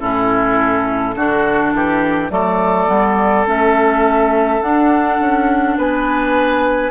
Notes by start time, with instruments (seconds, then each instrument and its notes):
0.00 bassoon A2, clarinet C#4, oboe E4, flute A4
1.16 bassoon D3, clarinet D4, oboe F#4
1.74 bassoon E3, oboe G4
2.30 bassoon F#3, clarinet A3, oboe A4, flute D5
2.88 bassoon G3, clarinet B3
3.47 bassoon A3, clarinet C#4, flute E5
4.62 bassoon D4, clarinet D4, flute F#5
5.20 bassoon C#4
5.78 bassoon B3, oboe B4, flute G#5